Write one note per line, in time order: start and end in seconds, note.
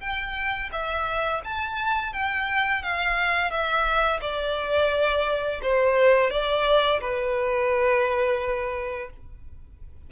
0.00 0.70 G5
0.72 1.42 E5
1.44 2.13 A5
2.13 2.82 G5
2.82 3.50 F5
3.50 4.20 E5
4.21 5.61 D5
5.62 6.30 C5
6.30 7.00 D5
7.01 9.10 B4